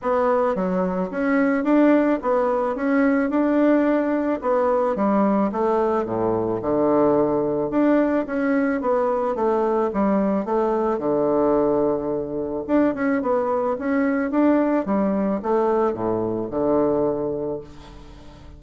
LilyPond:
\new Staff \with { instrumentName = "bassoon" } { \time 4/4 \tempo 4 = 109 b4 fis4 cis'4 d'4 | b4 cis'4 d'2 | b4 g4 a4 a,4 | d2 d'4 cis'4 |
b4 a4 g4 a4 | d2. d'8 cis'8 | b4 cis'4 d'4 g4 | a4 a,4 d2 | }